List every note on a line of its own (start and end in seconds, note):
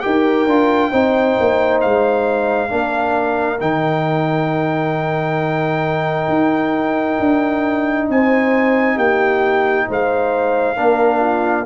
0.00 0.47 D#4
0.00 0.46 G4
0.00 0.91 A#4
0.00 1.79 G5
0.47 0.91 D4
0.47 0.92 F4
0.91 1.38 C4
0.91 2.69 D#4
0.91 2.70 C5
1.40 1.85 A#3
1.81 2.72 G#3
1.81 3.60 F5
2.69 3.61 A#3
2.69 3.58 D4
2.69 8.09 A#4
3.61 6.29 D#3
3.61 10.76 D#4
3.61 8.09 G5
6.29 7.18 D#4
7.20 8.09 D4
8.09 8.97 C4
8.09 8.96 C5
8.09 8.99 G#5
8.96 9.87 A#3
8.96 9.85 G4
8.96 9.88 G5
9.89 10.78 G#3
9.89 10.76 C5
9.89 11.66 F5
10.76 11.66 A#3
10.76 11.66 D4
10.76 11.20 A#4
11.20 11.65 F4